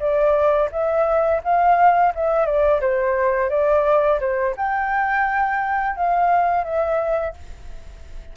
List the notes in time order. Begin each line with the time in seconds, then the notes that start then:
0.00 D5
0.72 E5
1.44 F5
2.15 E5
2.46 D5
2.81 C5
3.50 D5
4.21 C5
4.57 G5
5.97 F5
6.64 E5